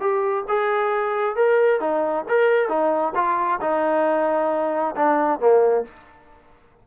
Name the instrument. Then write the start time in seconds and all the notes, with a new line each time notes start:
trombone
0.00 G4
0.48 G#4
1.36 A#4
1.80 D#4
2.29 A#4
2.69 D#4
3.15 F4
3.61 D#4
4.96 D4
5.40 A#3